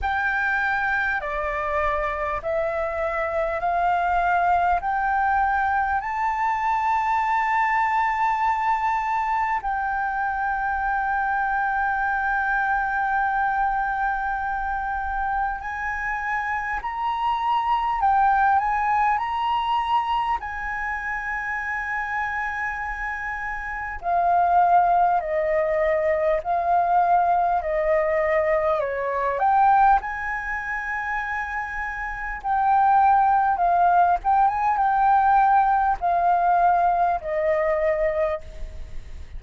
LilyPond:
\new Staff \with { instrumentName = "flute" } { \time 4/4 \tempo 4 = 50 g''4 d''4 e''4 f''4 | g''4 a''2. | g''1~ | g''4 gis''4 ais''4 g''8 gis''8 |
ais''4 gis''2. | f''4 dis''4 f''4 dis''4 | cis''8 g''8 gis''2 g''4 | f''8 g''16 gis''16 g''4 f''4 dis''4 | }